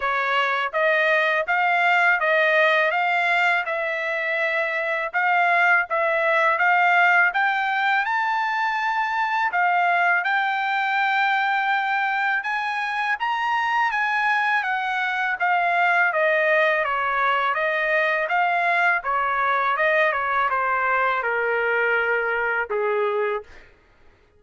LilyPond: \new Staff \with { instrumentName = "trumpet" } { \time 4/4 \tempo 4 = 82 cis''4 dis''4 f''4 dis''4 | f''4 e''2 f''4 | e''4 f''4 g''4 a''4~ | a''4 f''4 g''2~ |
g''4 gis''4 ais''4 gis''4 | fis''4 f''4 dis''4 cis''4 | dis''4 f''4 cis''4 dis''8 cis''8 | c''4 ais'2 gis'4 | }